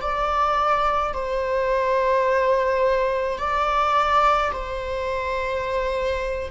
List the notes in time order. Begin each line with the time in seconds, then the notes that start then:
0.00 D5
1.13 C5
3.38 D5
4.52 C5